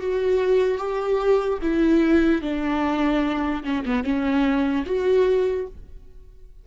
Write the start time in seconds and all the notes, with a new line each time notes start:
0.00 F#4
0.78 G4
1.62 E4
2.42 D4
3.64 C#4
3.86 B3
4.04 C#4
4.86 F#4